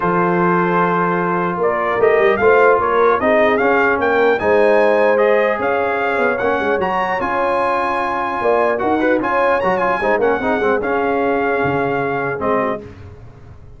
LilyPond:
<<
  \new Staff \with { instrumentName = "trumpet" } { \time 4/4 \tempo 4 = 150 c''1 | d''4 dis''4 f''4 cis''4 | dis''4 f''4 g''4 gis''4~ | gis''4 dis''4 f''2 |
fis''4 ais''4 gis''2~ | gis''2 fis''4 gis''4 | ais''8 gis''4 fis''4. f''4~ | f''2. dis''4 | }
  \new Staff \with { instrumentName = "horn" } { \time 4/4 a'1 | ais'2 c''4 ais'4 | gis'2 ais'4 c''4~ | c''2 cis''2~ |
cis''1~ | cis''4 d''4 ais'8 fis'8 cis''4~ | cis''4 c''8 ais'8 gis'2~ | gis'2.~ gis'8 fis'8 | }
  \new Staff \with { instrumentName = "trombone" } { \time 4/4 f'1~ | f'4 g'4 f'2 | dis'4 cis'2 dis'4~ | dis'4 gis'2. |
cis'4 fis'4 f'2~ | f'2 fis'8 b'8 f'4 | fis'8 f'8 dis'8 cis'8 dis'8 c'8 cis'4~ | cis'2. c'4 | }
  \new Staff \with { instrumentName = "tuba" } { \time 4/4 f1 | ais4 a8 g8 a4 ais4 | c'4 cis'4 ais4 gis4~ | gis2 cis'4. b8 |
ais8 gis8 fis4 cis'2~ | cis'4 ais4 dis'4 cis'4 | fis4 gis8 ais8 c'8 gis8 cis'4~ | cis'4 cis2 gis4 | }
>>